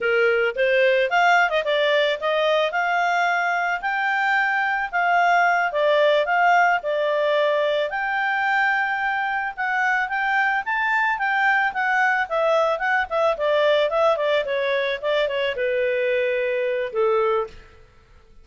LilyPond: \new Staff \with { instrumentName = "clarinet" } { \time 4/4 \tempo 4 = 110 ais'4 c''4 f''8. dis''16 d''4 | dis''4 f''2 g''4~ | g''4 f''4. d''4 f''8~ | f''8 d''2 g''4.~ |
g''4. fis''4 g''4 a''8~ | a''8 g''4 fis''4 e''4 fis''8 | e''8 d''4 e''8 d''8 cis''4 d''8 | cis''8 b'2~ b'8 a'4 | }